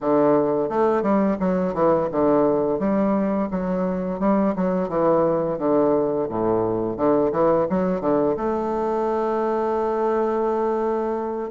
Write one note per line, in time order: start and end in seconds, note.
0.00 0.69 D3
0.69 1.02 A3
1.02 1.37 G3
1.39 1.74 F#3
1.74 2.09 E3
2.11 2.79 D3
2.79 3.49 G3
3.51 4.19 F#3
4.19 4.54 G3
4.55 4.88 F#3
4.88 5.58 E3
5.58 6.28 D3
6.29 6.96 A2
6.96 7.31 D3
7.32 7.66 E3
7.69 8.00 F#3
8.00 8.35 D3
8.37 11.51 A3